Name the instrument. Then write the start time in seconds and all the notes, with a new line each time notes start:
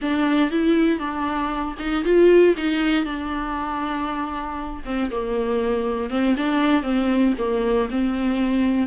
viola
0.01 D4
0.50 E4
0.99 D4
1.78 D#4
2.04 F4
2.56 D#4
3.05 D4
4.85 C4
5.11 A#3
6.10 C4
6.37 D4
6.83 C4
7.38 A#3
7.90 C4